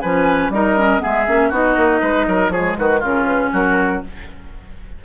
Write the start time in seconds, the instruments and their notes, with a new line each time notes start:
0.00 bassoon F3, clarinet C#4, oboe B4, flute G#5
0.49 bassoon G3, clarinet D#4, oboe A#4, flute D#5
0.78 clarinet C#4
0.99 bassoon G#3, clarinet B3, oboe G#4, flute E5
1.27 bassoon A#3, clarinet C#4
1.49 bassoon B3, clarinet D#4, oboe F#4, flute D#5
1.76 bassoon A#3
2.01 bassoon G#3, oboe B4
2.27 bassoon F#3, oboe A#4
2.49 bassoon F3, clarinet G#3, oboe G#4, flute C#5
2.78 bassoon D#3, oboe F#4, flute B4
3.00 bassoon C#3, clarinet C#4, oboe F4, flute A#4
3.26 flute B4
3.52 bassoon F#3, oboe F#4, flute A#4